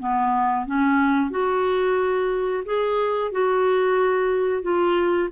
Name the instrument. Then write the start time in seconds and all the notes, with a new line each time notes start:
clarinet
0.00 B3
0.67 C#4
1.31 F#4
2.66 G#4
3.32 F#4
4.63 F4